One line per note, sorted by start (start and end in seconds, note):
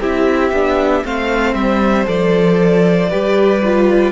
0.00 0.52 C4
0.00 0.53 E4
0.00 1.03 G4
0.00 1.06 E5
0.52 1.03 B3
0.52 1.04 D4
1.04 1.54 A3
1.04 2.05 C4
1.04 3.10 C5
1.04 1.54 F5
1.54 2.06 G3
1.54 2.06 E5
2.05 3.11 F3
2.05 3.08 A4
2.05 4.12 D5
3.10 4.12 G3
3.10 3.62 G4
3.10 4.12 B4
3.64 4.12 F4